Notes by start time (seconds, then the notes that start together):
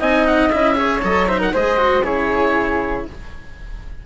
0.00 C4 D#4 D#5 G#5
0.27 F#5
0.50 C#4 E4 E5
0.75 G#4 C#5
1.02 F#3 A4 D#5
1.28 D#4 C5 E5
1.39 A#4 F#5
1.53 G#3 G#4 C5 D#5
1.78 F#4
2.03 C#3 E4 G#4 C#5